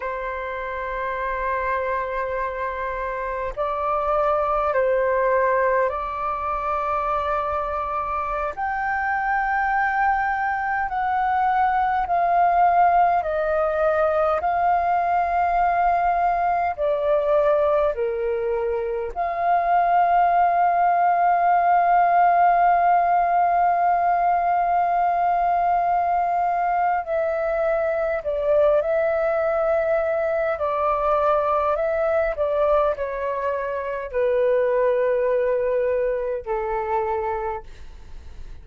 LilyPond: \new Staff \with { instrumentName = "flute" } { \time 4/4 \tempo 4 = 51 c''2. d''4 | c''4 d''2~ d''16 g''8.~ | g''4~ g''16 fis''4 f''4 dis''8.~ | dis''16 f''2 d''4 ais'8.~ |
ais'16 f''2.~ f''8.~ | f''2. e''4 | d''8 e''4. d''4 e''8 d''8 | cis''4 b'2 a'4 | }